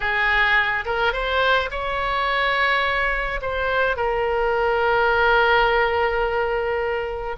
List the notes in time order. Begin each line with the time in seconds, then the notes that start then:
0.00 G#4
0.85 A#4
1.12 C5
1.70 C#5
3.41 C5
3.96 A#4